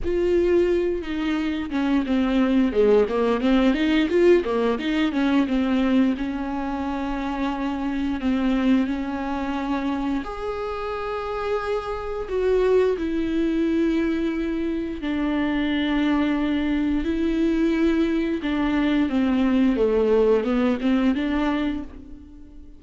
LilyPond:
\new Staff \with { instrumentName = "viola" } { \time 4/4 \tempo 4 = 88 f'4. dis'4 cis'8 c'4 | gis8 ais8 c'8 dis'8 f'8 ais8 dis'8 cis'8 | c'4 cis'2. | c'4 cis'2 gis'4~ |
gis'2 fis'4 e'4~ | e'2 d'2~ | d'4 e'2 d'4 | c'4 a4 b8 c'8 d'4 | }